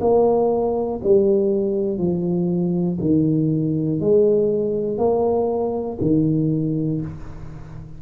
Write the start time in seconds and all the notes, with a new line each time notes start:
0.00 A#3
1.03 G3
1.98 F3
3.00 D#3
4.00 G#3
4.98 A#3
6.01 D#3